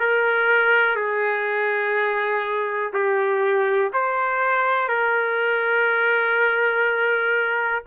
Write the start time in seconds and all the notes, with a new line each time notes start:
0.00 A#4
0.96 G#4
2.94 G4
3.93 C5
4.89 A#4